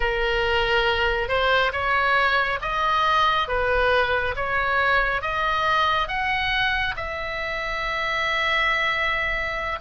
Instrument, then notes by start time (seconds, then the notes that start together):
oboe
0.00 A#4
1.28 C5
1.72 C#5
2.61 D#5
3.48 B4
4.36 C#5
5.21 D#5
6.08 F#5
6.96 E5